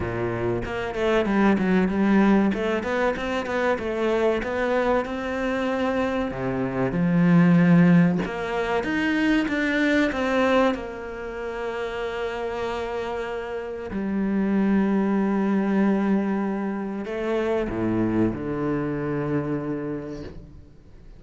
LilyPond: \new Staff \with { instrumentName = "cello" } { \time 4/4 \tempo 4 = 95 ais,4 ais8 a8 g8 fis8 g4 | a8 b8 c'8 b8 a4 b4 | c'2 c4 f4~ | f4 ais4 dis'4 d'4 |
c'4 ais2.~ | ais2 g2~ | g2. a4 | a,4 d2. | }